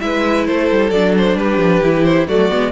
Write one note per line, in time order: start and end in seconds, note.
0.00 0.48 G#3
0.00 0.91 E4
0.00 0.48 B4
0.00 0.46 E5
0.46 0.71 A3
0.46 1.38 A4
0.46 0.91 C5
0.71 0.91 G3
0.91 1.36 F#3
0.91 1.83 D4
0.91 1.13 D5
1.18 1.37 C5
1.36 1.57 G3
1.36 2.28 G4
1.36 2.04 B4
1.57 1.80 F3
1.82 2.28 E3
1.82 2.28 E4
2.04 2.27 C5
2.28 2.51 F#3
2.28 2.49 A3
2.28 2.72 F#4
2.28 2.72 D5
2.49 2.72 G#3
2.49 2.72 B3